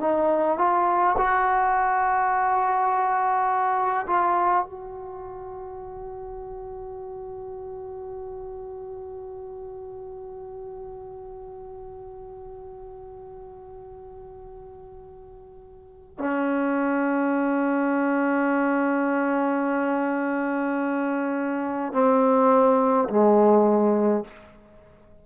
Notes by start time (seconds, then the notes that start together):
0.00 D#4
0.58 F4
1.17 F#4
4.06 F4
4.64 F#4
16.19 C#4
21.93 C4
23.09 G#3